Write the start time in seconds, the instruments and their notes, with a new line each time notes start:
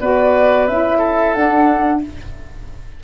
0.00 tuba B3, saxophone F#4, oboe B4, flute D5
0.67 tuba C#4, saxophone E4, flute E5
0.98 oboe A4
1.34 saxophone D4, tuba D4, flute F#5